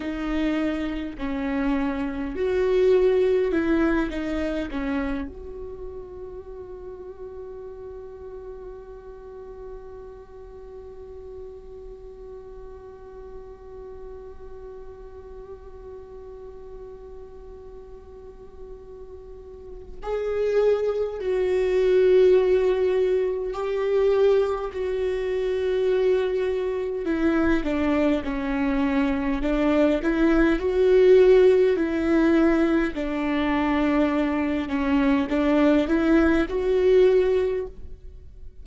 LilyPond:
\new Staff \with { instrumentName = "viola" } { \time 4/4 \tempo 4 = 51 dis'4 cis'4 fis'4 e'8 dis'8 | cis'8 fis'2.~ fis'8~ | fis'1~ | fis'1~ |
fis'4 gis'4 fis'2 | g'4 fis'2 e'8 d'8 | cis'4 d'8 e'8 fis'4 e'4 | d'4. cis'8 d'8 e'8 fis'4 | }